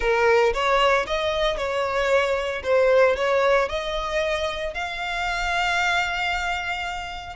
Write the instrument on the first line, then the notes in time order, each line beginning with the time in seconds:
violin
0.00 A#4
0.53 C#5
1.06 D#5
1.57 C#5
2.63 C5
3.16 C#5
3.68 D#5
4.73 F5